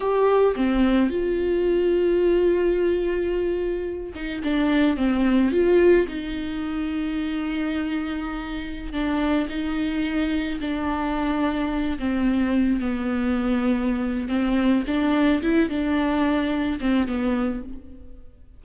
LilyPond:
\new Staff \with { instrumentName = "viola" } { \time 4/4 \tempo 4 = 109 g'4 c'4 f'2~ | f'2.~ f'8 dis'8 | d'4 c'4 f'4 dis'4~ | dis'1~ |
dis'16 d'4 dis'2 d'8.~ | d'4.~ d'16 c'4. b8.~ | b2 c'4 d'4 | e'8 d'2 c'8 b4 | }